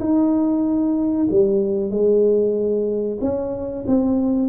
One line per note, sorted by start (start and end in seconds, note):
0.00 1.27 D#4
1.30 1.91 G3
1.91 3.18 G#3
3.21 3.85 C#4
3.87 4.49 C4